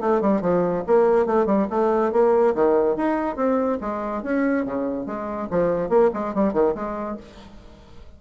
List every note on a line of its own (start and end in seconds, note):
0.00 0.21 A3
0.21 0.41 G3
0.41 0.83 F3
0.86 1.25 A#3
1.25 1.46 A3
1.46 1.67 G3
1.70 2.12 A3
2.12 2.54 A#3
2.54 2.96 D#3
2.96 3.36 D#4
3.36 3.78 C4
3.80 4.22 G#3
4.22 4.65 C#4
4.65 5.06 C#3
5.06 5.48 G#3
5.50 5.89 F3
5.89 6.10 A#3
6.13 6.34 G#3
6.34 6.53 G3
6.53 6.74 D#3
6.75 7.17 G#3